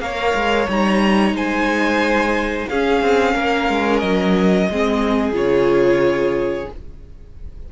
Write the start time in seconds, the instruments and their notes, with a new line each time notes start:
0.00 cello A#3, viola A#4, violin C#5 F5
0.34 cello G#3
0.68 cello G3, viola D#4, violin A#5
1.32 cello G#3, violin C5 G#5
2.69 cello C#4, viola C#4, violin G#4 F5
3.01 cello C4
3.35 cello A#3, violin A#4
3.69 cello G#3
3.99 cello F#3, violin D#5
4.70 cello G#3, viola C4, violin G#4
5.32 cello C#3, viola F4, violin C#5